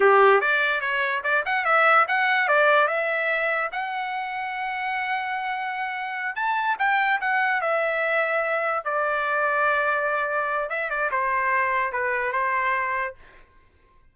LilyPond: \new Staff \with { instrumentName = "trumpet" } { \time 4/4 \tempo 4 = 146 g'4 d''4 cis''4 d''8 fis''8 | e''4 fis''4 d''4 e''4~ | e''4 fis''2.~ | fis''2.~ fis''8 a''8~ |
a''8 g''4 fis''4 e''4.~ | e''4. d''2~ d''8~ | d''2 e''8 d''8 c''4~ | c''4 b'4 c''2 | }